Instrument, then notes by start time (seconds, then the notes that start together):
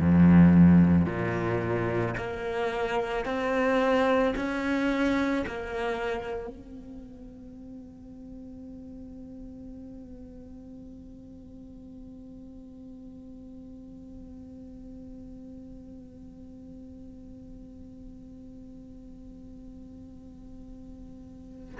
cello
0.00 F2
1.05 A#2
2.17 A#3
3.25 C4
4.36 C#4
5.46 A#3
6.47 C4